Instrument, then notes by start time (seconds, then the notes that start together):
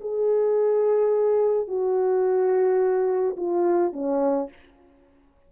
horn
0.00 G#4
1.67 F#4
3.36 F4
3.93 C#4